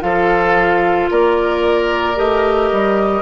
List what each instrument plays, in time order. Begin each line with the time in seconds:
0.00 bassoon F3, clarinet F4, oboe A4, flute F5
1.10 bassoon A#3, oboe A#4, flute D5
2.15 bassoon A3, clarinet G4, flute D#5
2.71 bassoon G3